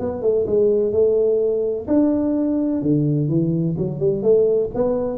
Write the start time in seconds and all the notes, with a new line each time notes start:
0.00 B3
0.22 A3
0.47 G#3
0.92 A3
1.88 D4
2.82 D3
3.29 E3
3.78 F#3
3.99 G3
4.23 A3
4.75 B3